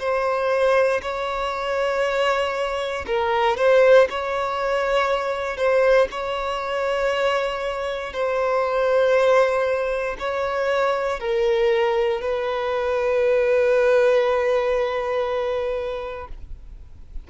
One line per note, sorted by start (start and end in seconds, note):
0.00 1.02 C5
1.03 3.06 C#5
3.07 3.57 A#4
3.57 4.08 C5
4.10 5.57 C#5
5.57 6.08 C5
6.11 8.14 C#5
8.14 10.17 C5
10.19 11.20 C#5
11.20 12.21 A#4
12.21 16.28 B4